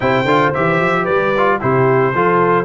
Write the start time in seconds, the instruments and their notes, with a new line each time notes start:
0.00 tuba C3, trombone E4, horn C5, trumpet G5
0.24 tuba D3, trombone F4
0.53 tuba E3, trombone G4, trumpet E5
0.80 tuba F3
1.02 tuba G3, horn B4, trumpet D5
1.37 trombone F4
1.60 tuba C3, trombone E4, horn G4, trumpet C5
2.14 tuba F3, trombone F4, horn A4